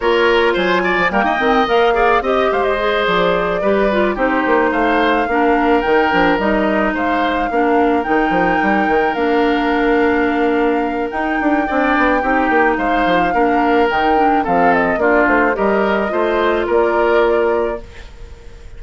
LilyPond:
<<
  \new Staff \with { instrumentName = "flute" } { \time 4/4 \tempo 4 = 108 cis''4 gis''4 g''4 f''4 | dis''8 f''16 dis''8. d''2 c''8~ | c''8 f''2 g''4 dis''8~ | dis''8 f''2 g''4.~ |
g''8 f''2.~ f''8 | g''2. f''4~ | f''4 g''4 f''8 dis''8 d''8 c''8 | dis''2 d''2 | }
  \new Staff \with { instrumentName = "oboe" } { \time 4/4 ais'4 c''8 d''8 ais'16 dis''4~ dis''16 d''8 | dis''8 c''2 b'4 g'8~ | g'8 c''4 ais'2~ ais'8~ | ais'8 c''4 ais'2~ ais'8~ |
ais'1~ | ais'4 d''4 g'4 c''4 | ais'2 a'4 f'4 | ais'4 c''4 ais'2 | }
  \new Staff \with { instrumentName = "clarinet" } { \time 4/4 f'2 ais8 c'8 ais'8 gis'8 | g'4 gis'4. g'8 f'8 dis'8~ | dis'4. d'4 dis'8 d'8 dis'8~ | dis'4. d'4 dis'4.~ |
dis'8 d'2.~ d'8 | dis'4 d'4 dis'2 | d'4 dis'8 d'8 c'4 d'4 | g'4 f'2. | }
  \new Staff \with { instrumentName = "bassoon" } { \time 4/4 ais4 fis8. f16 g16 dis'16 dis8 ais4 | c'8 gis4 f4 g4 c'8 | ais8 a4 ais4 dis8 f8 g8~ | g8 gis4 ais4 dis8 f8 g8 |
dis8 ais2.~ ais8 | dis'8 d'8 c'8 b8 c'8 ais8 gis8 f8 | ais4 dis4 f4 ais8 a8 | g4 a4 ais2 | }
>>